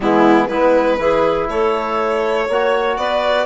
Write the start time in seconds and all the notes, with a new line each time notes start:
0.00 E3 G#3 B3 E4
0.48 G#3 B3 E4 B4
0.98 E3 E4 G#4
1.49 A3 A4 C#5
2.48 A#3 F#4 C#5
2.97 B3 B4 D5